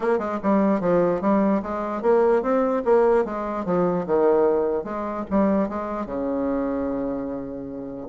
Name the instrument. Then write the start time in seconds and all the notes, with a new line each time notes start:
bassoon
0.00 A#3
0.18 G#3
0.42 G3
0.80 F3
1.21 G3
1.62 G#3
2.01 A#3
2.42 C4
2.84 A#3
3.25 G#3
3.65 F3
4.06 D#3
4.84 G#3
5.30 G3
5.69 G#3
6.06 C#3